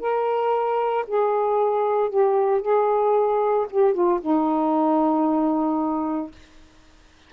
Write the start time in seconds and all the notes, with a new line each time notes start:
0.00 A#4
1.07 G#4
2.10 G4
2.62 G#4
3.70 G4
3.94 F4
4.21 D#4